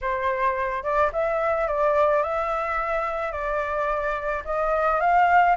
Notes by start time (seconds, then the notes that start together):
0.01 C5
0.83 D5
1.12 E5
1.67 D5
2.22 E5
3.32 D5
4.44 D#5
5.00 F5